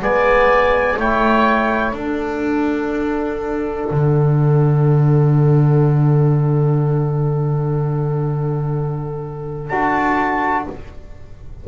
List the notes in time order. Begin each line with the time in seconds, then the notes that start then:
0.00 G#3 B3 D5 G#5
0.97 A3 E4 C#5 G5
1.92 D4 A4 F#5
3.90 D3
9.68 D4 F#4 A5